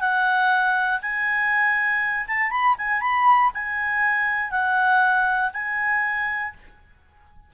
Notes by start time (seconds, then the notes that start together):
0.00 F#5
1.01 G#5
2.27 A5
2.50 B5
2.77 G#5
3.01 B5
3.54 G#5
4.51 F#5
5.53 G#5